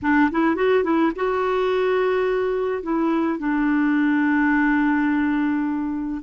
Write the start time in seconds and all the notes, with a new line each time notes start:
0.02 D4
0.31 E4
0.55 F#4
0.83 E4
1.15 F#4
2.82 E4
3.38 D4